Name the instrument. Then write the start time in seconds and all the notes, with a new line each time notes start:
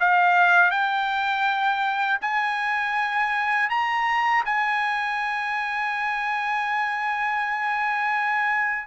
trumpet
0.00 F5
0.71 G5
2.21 G#5
3.69 A#5
4.45 G#5